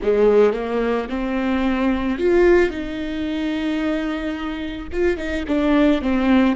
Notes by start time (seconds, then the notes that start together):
0.02 G#3
0.53 A#3
1.09 C4
2.18 F4
2.70 D#4
4.92 F4
5.17 D#4
5.47 D4
6.01 C4